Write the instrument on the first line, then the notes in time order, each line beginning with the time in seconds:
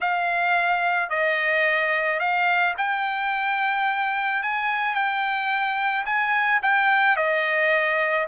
trumpet
0.01 F5
1.09 D#5
2.19 F5
2.77 G5
4.43 G#5
4.94 G5
6.05 G#5
6.62 G5
7.16 D#5